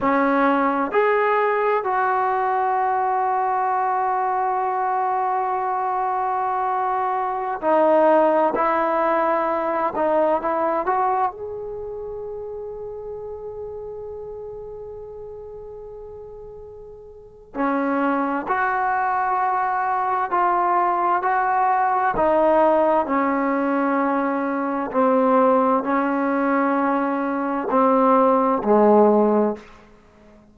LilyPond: \new Staff \with { instrumentName = "trombone" } { \time 4/4 \tempo 4 = 65 cis'4 gis'4 fis'2~ | fis'1~ | fis'16 dis'4 e'4. dis'8 e'8 fis'16~ | fis'16 gis'2.~ gis'8.~ |
gis'2. cis'4 | fis'2 f'4 fis'4 | dis'4 cis'2 c'4 | cis'2 c'4 gis4 | }